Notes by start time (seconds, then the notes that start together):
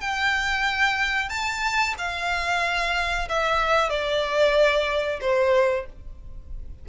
0.00 G5
1.29 A5
1.97 F5
3.28 E5
3.89 D5
5.20 C5